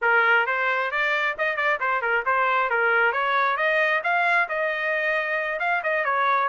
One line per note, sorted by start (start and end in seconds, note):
0.01 0.46 A#4
0.46 0.91 C5
0.91 1.36 D5
1.38 1.56 D#5
1.56 1.78 D5
1.80 2.01 C5
2.01 2.24 A#4
2.25 2.70 C5
2.70 3.12 A#4
3.12 3.57 C#5
3.57 4.01 D#5
4.03 4.48 F5
4.48 5.59 D#5
5.59 5.82 F5
5.83 6.04 D#5
6.04 6.48 C#5